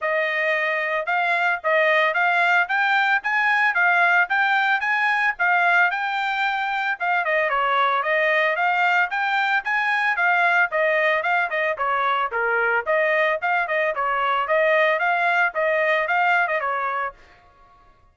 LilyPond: \new Staff \with { instrumentName = "trumpet" } { \time 4/4 \tempo 4 = 112 dis''2 f''4 dis''4 | f''4 g''4 gis''4 f''4 | g''4 gis''4 f''4 g''4~ | g''4 f''8 dis''8 cis''4 dis''4 |
f''4 g''4 gis''4 f''4 | dis''4 f''8 dis''8 cis''4 ais'4 | dis''4 f''8 dis''8 cis''4 dis''4 | f''4 dis''4 f''8. dis''16 cis''4 | }